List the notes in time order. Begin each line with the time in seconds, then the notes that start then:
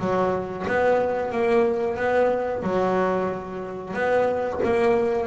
0.00 F#3
0.67 B3
1.32 A#3
1.97 B3
2.63 F#3
3.94 B3
4.64 A#3